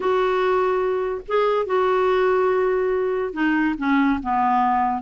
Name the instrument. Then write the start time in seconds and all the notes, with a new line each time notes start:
clarinet
0.00 F#4
1.28 G#4
1.66 F#4
3.33 D#4
3.78 C#4
4.22 B3